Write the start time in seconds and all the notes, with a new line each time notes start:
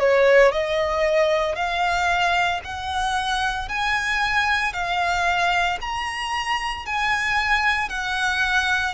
0.00 C#5
0.52 D#5
1.56 F5
2.65 F#5
3.69 G#5
4.74 F5
5.81 A#5
6.86 G#5
7.89 F#5